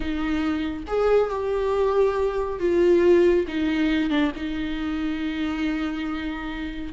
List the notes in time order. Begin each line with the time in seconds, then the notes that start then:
0.00 D#4
0.87 G#4
1.29 G4
2.59 F4
3.47 D#4
4.09 D4
4.35 D#4